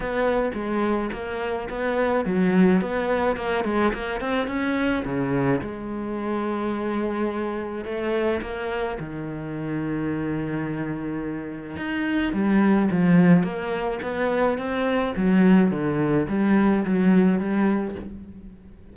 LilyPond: \new Staff \with { instrumentName = "cello" } { \time 4/4 \tempo 4 = 107 b4 gis4 ais4 b4 | fis4 b4 ais8 gis8 ais8 c'8 | cis'4 cis4 gis2~ | gis2 a4 ais4 |
dis1~ | dis4 dis'4 g4 f4 | ais4 b4 c'4 fis4 | d4 g4 fis4 g4 | }